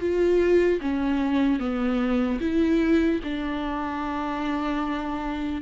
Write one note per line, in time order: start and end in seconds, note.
0.00 0.80 F4
0.81 1.60 C#4
1.60 2.40 B3
2.40 3.20 E4
3.24 5.62 D4